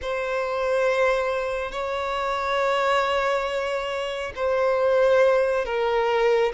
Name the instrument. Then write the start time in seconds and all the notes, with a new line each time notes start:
violin
0.01 C5
1.72 C#5
4.35 C5
5.65 A#4